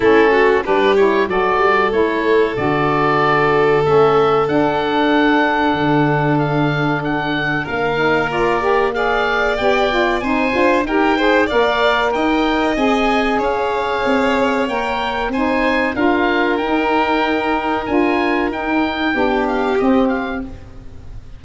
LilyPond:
<<
  \new Staff \with { instrumentName = "oboe" } { \time 4/4 \tempo 4 = 94 a'4 b'8 cis''8 d''4 cis''4 | d''2 e''4 fis''4~ | fis''2 f''4 fis''4 | f''4 d''4 f''4 g''4 |
gis''4 g''4 f''4 g''4 | gis''4 f''2 g''4 | gis''4 f''4 g''2 | gis''4 g''4. f''8 dis''8 f''8 | }
  \new Staff \with { instrumentName = "violin" } { \time 4/4 e'8 fis'8 g'4 a'2~ | a'1~ | a'1 | ais'2 d''2 |
c''4 ais'8 c''8 d''4 dis''4~ | dis''4 cis''2. | c''4 ais'2.~ | ais'2 g'2 | }
  \new Staff \with { instrumentName = "saxophone" } { \time 4/4 cis'4 d'8 e'8 fis'4 e'4 | fis'2 cis'4 d'4~ | d'1~ | d'8 dis'8 f'8 g'8 gis'4 g'8 f'8 |
dis'8 f'8 g'8 gis'8 ais'2 | gis'2. ais'4 | dis'4 f'4 dis'2 | f'4 dis'4 d'4 c'4 | }
  \new Staff \with { instrumentName = "tuba" } { \time 4/4 a4 g4 fis8 g8 a4 | d2 a4 d'4~ | d'4 d2. | ais2. b4 |
c'8 d'8 dis'4 ais4 dis'4 | c'4 cis'4 c'4 ais4 | c'4 d'4 dis'2 | d'4 dis'4 b4 c'4 | }
>>